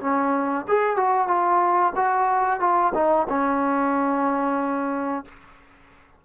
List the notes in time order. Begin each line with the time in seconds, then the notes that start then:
0.00 C#4
0.68 G#4
0.96 F#4
1.27 F4
1.95 F#4
2.60 F4
2.94 D#4
3.29 C#4